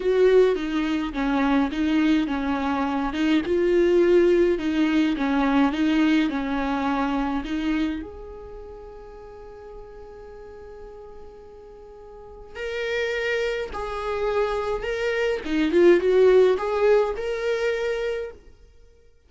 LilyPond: \new Staff \with { instrumentName = "viola" } { \time 4/4 \tempo 4 = 105 fis'4 dis'4 cis'4 dis'4 | cis'4. dis'8 f'2 | dis'4 cis'4 dis'4 cis'4~ | cis'4 dis'4 gis'2~ |
gis'1~ | gis'2 ais'2 | gis'2 ais'4 dis'8 f'8 | fis'4 gis'4 ais'2 | }